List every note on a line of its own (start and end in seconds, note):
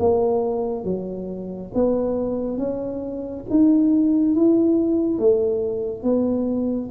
0.00 0.85 A#3
0.85 1.72 F#3
1.75 2.58 B3
2.58 3.45 C#4
3.50 4.35 D#4
4.35 5.19 E4
5.19 6.04 A3
6.04 6.91 B3